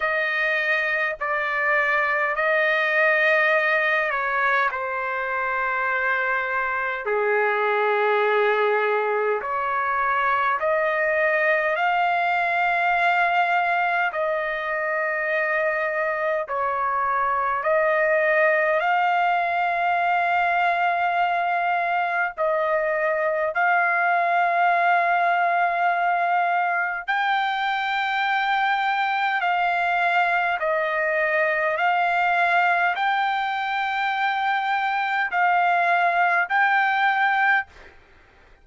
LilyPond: \new Staff \with { instrumentName = "trumpet" } { \time 4/4 \tempo 4 = 51 dis''4 d''4 dis''4. cis''8 | c''2 gis'2 | cis''4 dis''4 f''2 | dis''2 cis''4 dis''4 |
f''2. dis''4 | f''2. g''4~ | g''4 f''4 dis''4 f''4 | g''2 f''4 g''4 | }